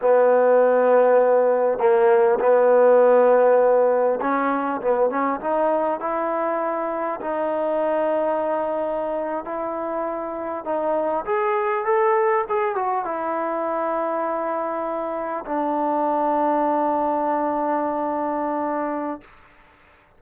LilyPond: \new Staff \with { instrumentName = "trombone" } { \time 4/4 \tempo 4 = 100 b2. ais4 | b2. cis'4 | b8 cis'8 dis'4 e'2 | dis'2.~ dis'8. e'16~ |
e'4.~ e'16 dis'4 gis'4 a'16~ | a'8. gis'8 fis'8 e'2~ e'16~ | e'4.~ e'16 d'2~ d'16~ | d'1 | }